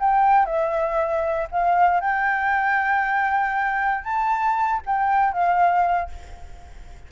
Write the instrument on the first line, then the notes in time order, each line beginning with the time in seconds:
flute
0.00 G5
0.46 E5
1.52 F5
2.01 G5
4.05 A5
4.86 G5
5.33 F5